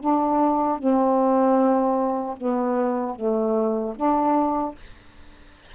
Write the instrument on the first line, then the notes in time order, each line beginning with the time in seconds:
saxophone
0.00 D4
0.79 C4
2.37 B3
3.16 A3
3.96 D4